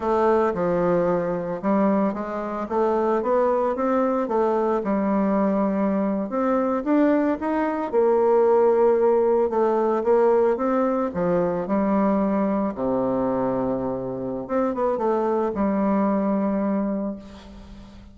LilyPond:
\new Staff \with { instrumentName = "bassoon" } { \time 4/4 \tempo 4 = 112 a4 f2 g4 | gis4 a4 b4 c'4 | a4 g2~ g8. c'16~ | c'8. d'4 dis'4 ais4~ ais16~ |
ais4.~ ais16 a4 ais4 c'16~ | c'8. f4 g2 c16~ | c2. c'8 b8 | a4 g2. | }